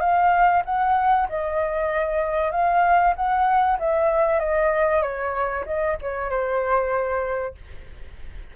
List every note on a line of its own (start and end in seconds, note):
0.00 0.62 F5
0.65 1.27 F#5
1.29 2.51 D#5
2.51 3.14 F5
3.15 3.78 F#5
3.79 4.39 E5
4.39 5.02 D#5
5.02 5.64 C#5
5.65 5.97 D#5
6.01 6.30 C#5
6.30 7.55 C5